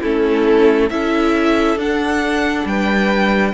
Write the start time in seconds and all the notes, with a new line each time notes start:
0.00 A3 C#4 E4 A4
0.89 C#4 E4 A4 E5
1.76 D4 F#5
2.65 G3 B4 G5